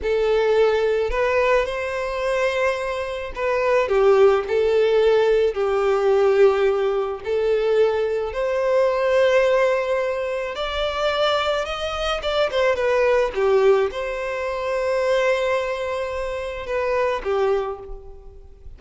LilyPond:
\new Staff \with { instrumentName = "violin" } { \time 4/4 \tempo 4 = 108 a'2 b'4 c''4~ | c''2 b'4 g'4 | a'2 g'2~ | g'4 a'2 c''4~ |
c''2. d''4~ | d''4 dis''4 d''8 c''8 b'4 | g'4 c''2.~ | c''2 b'4 g'4 | }